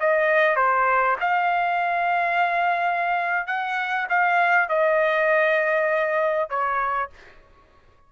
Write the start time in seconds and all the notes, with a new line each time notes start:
0.00 D#5
0.56 C5
1.20 F5
3.47 F#5
4.09 F5
4.69 D#5
6.50 C#5